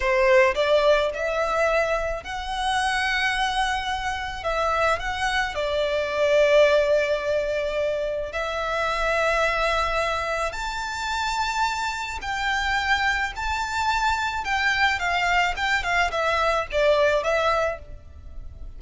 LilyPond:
\new Staff \with { instrumentName = "violin" } { \time 4/4 \tempo 4 = 108 c''4 d''4 e''2 | fis''1 | e''4 fis''4 d''2~ | d''2. e''4~ |
e''2. a''4~ | a''2 g''2 | a''2 g''4 f''4 | g''8 f''8 e''4 d''4 e''4 | }